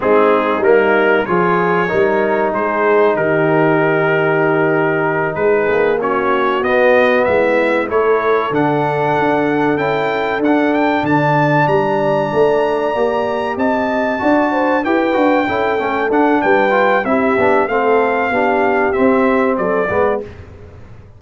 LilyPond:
<<
  \new Staff \with { instrumentName = "trumpet" } { \time 4/4 \tempo 4 = 95 gis'4 ais'4 cis''2 | c''4 ais'2.~ | ais'8 b'4 cis''4 dis''4 e''8~ | e''8 cis''4 fis''2 g''8~ |
g''8 fis''8 g''8 a''4 ais''4.~ | ais''4. a''2 g''8~ | g''4. fis''8 g''4 e''4 | f''2 e''4 d''4 | }
  \new Staff \with { instrumentName = "horn" } { \time 4/4 dis'2 gis'4 ais'4 | gis'4 g'2.~ | g'8 gis'4 fis'2 e'8~ | e'8 a'2.~ a'8~ |
a'4. d''2~ d''8~ | d''4. dis''4 d''8 c''8 b'8~ | b'8 a'4. b'4 g'4 | a'4 g'2 a'8 b'8 | }
  \new Staff \with { instrumentName = "trombone" } { \time 4/4 c'4 ais4 f'4 dis'4~ | dis'1~ | dis'4. cis'4 b4.~ | b8 e'4 d'2 e'8~ |
e'8 d'2.~ d'8~ | d'8 g'2 fis'4 g'8 | fis'8 e'8 cis'8 d'4 f'8 e'8 d'8 | c'4 d'4 c'4. b8 | }
  \new Staff \with { instrumentName = "tuba" } { \time 4/4 gis4 g4 f4 g4 | gis4 dis2.~ | dis8 gis8 ais4. b4 gis8~ | gis8 a4 d4 d'4 cis'8~ |
cis'8 d'4 d4 g4 a8~ | a8 ais4 c'4 d'4 e'8 | d'8 cis'8 a8 d'8 g4 c'8 b8 | a4 b4 c'4 fis8 gis8 | }
>>